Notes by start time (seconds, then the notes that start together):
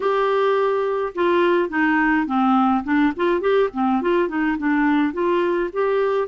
0.00 G4
1.14 F4
1.69 D#4
2.26 C4
2.84 D4
3.16 F4
3.40 G4
3.73 C4
4.01 F4
4.28 D#4
4.58 D4
5.13 F4
5.72 G4